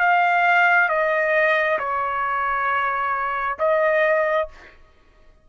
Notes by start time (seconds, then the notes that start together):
0.00 F5
0.89 D#5
1.79 C#5
3.59 D#5